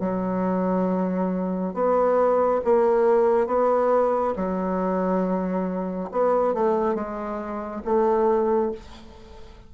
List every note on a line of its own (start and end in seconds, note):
0.00 1.74 F#3
1.74 2.60 B3
2.64 3.47 A#3
3.47 4.34 B3
4.36 6.09 F#3
6.11 6.54 B3
6.54 6.94 A3
6.94 7.81 G#3
7.85 8.72 A3